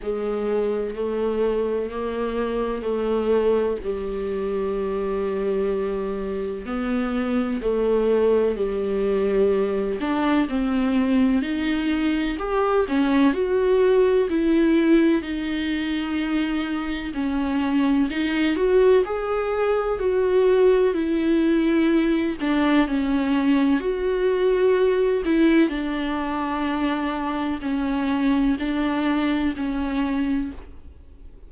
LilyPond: \new Staff \with { instrumentName = "viola" } { \time 4/4 \tempo 4 = 63 gis4 a4 ais4 a4 | g2. b4 | a4 g4. d'8 c'4 | dis'4 g'8 cis'8 fis'4 e'4 |
dis'2 cis'4 dis'8 fis'8 | gis'4 fis'4 e'4. d'8 | cis'4 fis'4. e'8 d'4~ | d'4 cis'4 d'4 cis'4 | }